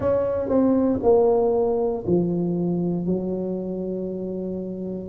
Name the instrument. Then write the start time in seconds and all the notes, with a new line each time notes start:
tuba
0.00 C#4
0.48 C4
1.03 A#3
2.06 F3
3.06 F#3